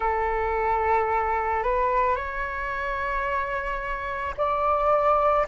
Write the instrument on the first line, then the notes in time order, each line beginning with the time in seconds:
flute
0.00 A4
1.63 B4
2.15 C#5
4.37 D5